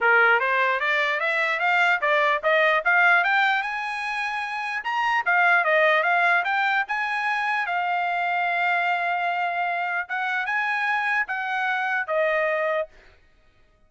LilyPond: \new Staff \with { instrumentName = "trumpet" } { \time 4/4 \tempo 4 = 149 ais'4 c''4 d''4 e''4 | f''4 d''4 dis''4 f''4 | g''4 gis''2. | ais''4 f''4 dis''4 f''4 |
g''4 gis''2 f''4~ | f''1~ | f''4 fis''4 gis''2 | fis''2 dis''2 | }